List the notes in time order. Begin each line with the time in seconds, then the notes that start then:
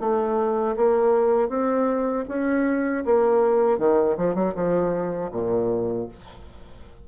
0.00 A3
0.76 A#3
1.49 C4
2.29 C#4
3.06 A#3
3.78 D#3
4.17 F3
4.35 F#3
4.55 F3
5.32 A#2